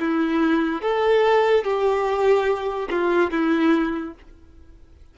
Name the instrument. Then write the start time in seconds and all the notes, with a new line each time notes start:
violin
0.00 E4
0.82 A4
1.64 G4
2.90 F4
3.31 E4